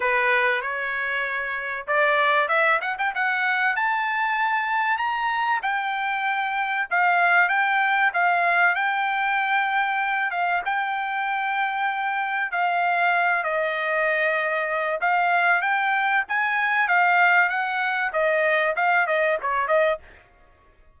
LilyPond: \new Staff \with { instrumentName = "trumpet" } { \time 4/4 \tempo 4 = 96 b'4 cis''2 d''4 | e''8 fis''16 g''16 fis''4 a''2 | ais''4 g''2 f''4 | g''4 f''4 g''2~ |
g''8 f''8 g''2. | f''4. dis''2~ dis''8 | f''4 g''4 gis''4 f''4 | fis''4 dis''4 f''8 dis''8 cis''8 dis''8 | }